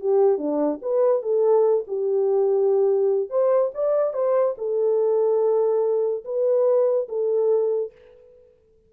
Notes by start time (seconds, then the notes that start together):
0.00 G4
0.38 D4
0.82 B4
1.22 A4
1.87 G4
3.30 C5
3.74 D5
4.13 C5
4.58 A4
6.24 B4
7.09 A4